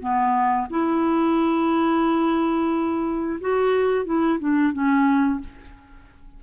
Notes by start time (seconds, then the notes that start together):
0.00 B3
0.70 E4
3.40 F#4
4.05 E4
4.39 D4
4.73 C#4